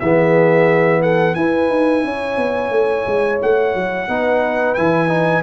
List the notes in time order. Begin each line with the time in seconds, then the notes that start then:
0.00 E3 B3 G#4 E5
1.02 A4 F#5
1.35 E4 B4 G#5
1.70 D#4
2.04 C#4 C#5
2.37 B3
2.71 A3
3.07 G#3
3.42 A3 F#5
3.75 F#3
4.09 B3 D#4 B4
4.75 E3 E4 G#5
5.09 D#4